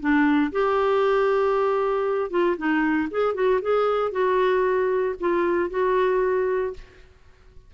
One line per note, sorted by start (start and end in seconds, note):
0.00 0.52 D4
0.52 2.31 G4
2.31 2.57 F4
2.57 3.09 D#4
3.11 3.35 G#4
3.35 3.60 F#4
3.62 4.12 G#4
4.12 5.15 F#4
5.20 5.70 F4
5.70 6.74 F#4